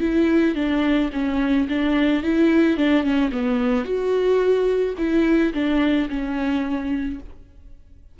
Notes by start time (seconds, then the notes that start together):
0.00 E4
0.55 D4
1.13 C#4
1.69 D4
2.23 E4
2.77 D4
3.03 C#4
3.32 B3
3.85 F#4
4.98 E4
5.53 D4
6.09 C#4